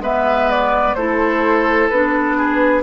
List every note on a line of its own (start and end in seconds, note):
0.00 0.94 G#3
0.00 0.96 B3
0.00 0.97 B4
0.00 0.51 E5
0.51 0.95 D5
0.95 1.90 A3
0.95 1.92 E4
0.95 2.38 A4
0.95 1.89 C5
1.89 2.83 B3
1.89 2.83 D4
1.89 2.83 B4
2.38 2.83 G#4